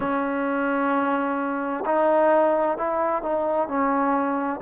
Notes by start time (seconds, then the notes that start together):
0.00 C#4
1.85 D#4
2.77 E4
3.22 D#4
3.68 C#4